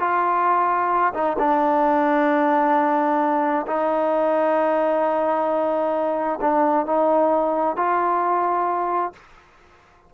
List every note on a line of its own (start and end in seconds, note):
0.00 1.14 F4
1.14 1.37 D#4
1.39 3.66 D4
3.67 6.40 D#4
6.41 6.86 D4
6.86 7.77 D#4
7.77 9.13 F4